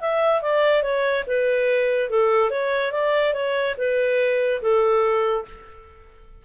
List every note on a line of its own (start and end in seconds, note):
0.00 0.42 E5
0.42 0.83 D5
0.83 1.24 C#5
1.27 2.10 B4
2.10 2.50 A4
2.50 2.92 C#5
2.92 3.33 D5
3.34 3.75 C#5
3.78 4.61 B4
4.62 5.45 A4